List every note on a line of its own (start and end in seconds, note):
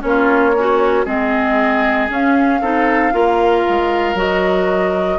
0.00 1.05 A#3
0.00 0.52 C#4
0.00 1.05 C#5
0.07 0.55 F4
0.55 1.05 C#4
0.55 1.06 F#4
1.05 2.09 G#3
1.05 2.08 C4
1.05 2.60 G#4
1.05 2.09 D#5
2.08 2.60 C#4
2.08 4.19 F5
2.61 3.12 C4
2.61 3.12 D#4
2.61 3.12 A4
3.12 3.65 A#3
3.12 4.15 F4
3.12 5.18 A#4
3.69 4.14 G#3
4.14 5.17 F#3
4.14 5.18 F#4
4.14 5.18 D#5